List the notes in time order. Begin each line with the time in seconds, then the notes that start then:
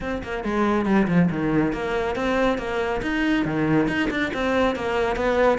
0.00 C4
0.23 A#3
0.44 G#3
0.85 G3
1.07 F3
1.30 D#3
1.73 A#3
2.15 C4
2.58 A#3
3.02 D#4
3.45 D#3
3.87 D#4
4.10 D4
4.33 C4
4.75 A#3
5.16 B3